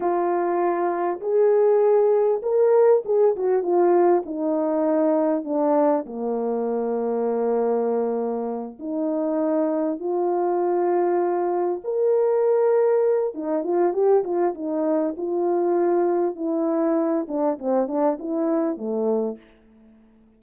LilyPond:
\new Staff \with { instrumentName = "horn" } { \time 4/4 \tempo 4 = 99 f'2 gis'2 | ais'4 gis'8 fis'8 f'4 dis'4~ | dis'4 d'4 ais2~ | ais2~ ais8 dis'4.~ |
dis'8 f'2. ais'8~ | ais'2 dis'8 f'8 g'8 f'8 | dis'4 f'2 e'4~ | e'8 d'8 c'8 d'8 e'4 a4 | }